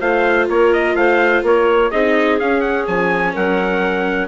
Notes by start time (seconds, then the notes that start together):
0.00 A3 F4 C5 F5
0.49 A#3 A#4 C#5
0.73 D#5
0.95 A3 C5 F5
1.43 A#3 A#4 C#5
1.91 C4 D#4 G#4 D#5
2.39 C#4 F5
2.61 F#5
2.87 F3 G#5
3.33 F#3 A#4 F#5